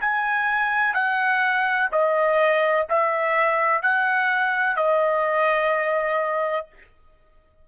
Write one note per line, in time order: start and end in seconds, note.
0.00 0.93 G#5
0.93 1.88 F#5
1.91 2.87 D#5
2.89 3.82 E5
3.82 4.76 F#5
4.76 6.67 D#5